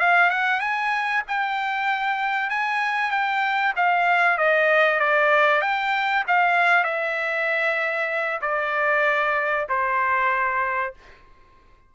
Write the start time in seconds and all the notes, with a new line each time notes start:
0.00 F5
0.31 F#5
0.61 G#5
1.28 G5
2.50 G#5
3.11 G5
3.77 F5
4.38 D#5
5.00 D5
5.62 G5
6.28 F5
6.84 E5
8.42 D5
9.69 C5